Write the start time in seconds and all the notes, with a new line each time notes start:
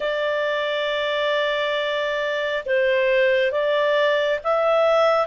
0.00 D5
2.65 C5
3.51 D5
4.43 E5